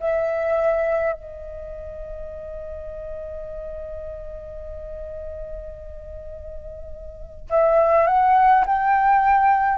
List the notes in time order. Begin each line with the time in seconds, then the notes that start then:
0.00 E5
1.12 D#5
7.49 E5
8.07 F#5
8.66 G5